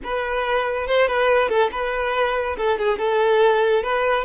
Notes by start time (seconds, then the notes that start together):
0.03 B4
0.87 C5
1.07 B4
1.48 A4
1.71 B4
2.57 A4
2.78 G#4
2.98 A4
3.83 B4